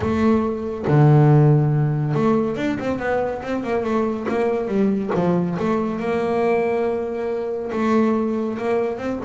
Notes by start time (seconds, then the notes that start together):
0.00 A3
0.87 D3
2.14 A3
2.56 D4
2.79 C4
2.98 B3
3.42 C4
3.63 A#3
3.83 A3
4.28 A#3
4.67 G3
5.14 F3
5.59 A3
5.99 A#3
7.71 A3
8.58 A#3
8.98 C4